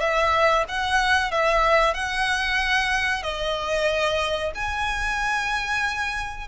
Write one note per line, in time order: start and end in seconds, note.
0.00 0.65 E5
0.68 1.31 F#5
1.31 1.94 E5
1.94 3.23 F#5
3.23 4.52 D#5
4.55 6.48 G#5